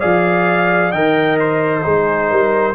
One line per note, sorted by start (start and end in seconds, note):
0.00 0.93 F3
0.00 0.93 G#4
0.00 0.91 D5
0.00 0.92 F5
0.91 1.85 D#3
0.91 1.82 A#4
0.91 1.83 D#5
0.91 1.38 G5
1.40 2.75 C5
1.82 2.31 G#3
1.82 2.74 D#4
1.82 2.31 G#4
2.31 2.75 G3
2.31 2.75 A#4